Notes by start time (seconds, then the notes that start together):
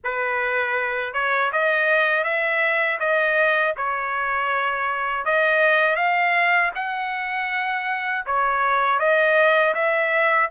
0.04 B4
1.13 C#5
1.52 D#5
2.24 E5
2.99 D#5
3.77 C#5
5.25 D#5
5.96 F5
6.75 F#5
8.26 C#5
8.99 D#5
9.74 E5